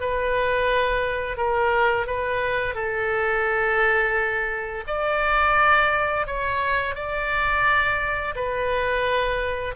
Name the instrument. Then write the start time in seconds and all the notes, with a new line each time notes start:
oboe
0.00 B4
1.37 A#4
2.06 B4
2.75 A4
4.87 D5
6.27 C#5
6.95 D5
8.35 B4